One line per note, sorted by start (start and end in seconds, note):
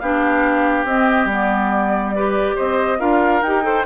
0.00 0.84 B3
0.00 0.88 D4
0.00 2.16 G4
0.00 0.86 F5
0.84 1.25 C4
0.84 1.30 C4
0.84 1.29 D#5
1.25 2.54 G3
1.25 2.16 B3
1.33 2.57 D5
2.16 2.99 G4
2.16 2.56 B4
2.56 3.00 C4
2.56 2.98 C5
2.56 3.00 D#5
2.99 3.42 D4
2.99 3.42 F4
2.99 3.64 A#4
2.99 3.42 F5
3.42 3.85 D#4
3.42 3.63 G4
3.42 3.85 G5
3.63 3.84 A4
3.63 3.86 C5